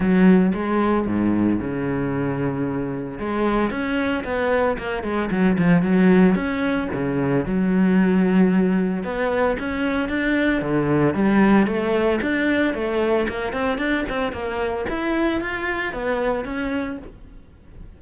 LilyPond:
\new Staff \with { instrumentName = "cello" } { \time 4/4 \tempo 4 = 113 fis4 gis4 gis,4 cis4~ | cis2 gis4 cis'4 | b4 ais8 gis8 fis8 f8 fis4 | cis'4 cis4 fis2~ |
fis4 b4 cis'4 d'4 | d4 g4 a4 d'4 | a4 ais8 c'8 d'8 c'8 ais4 | e'4 f'4 b4 cis'4 | }